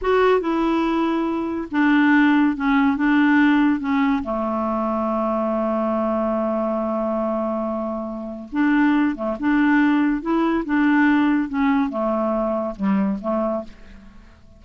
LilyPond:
\new Staff \with { instrumentName = "clarinet" } { \time 4/4 \tempo 4 = 141 fis'4 e'2. | d'2 cis'4 d'4~ | d'4 cis'4 a2~ | a1~ |
a1 | d'4. a8 d'2 | e'4 d'2 cis'4 | a2 g4 a4 | }